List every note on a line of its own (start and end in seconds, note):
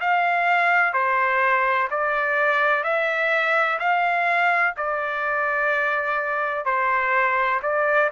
0.00 0.93 F5
0.93 1.88 C5
1.90 2.83 D5
2.83 3.78 E5
3.79 4.74 F5
4.77 6.65 D5
6.65 7.60 C5
7.62 8.10 D5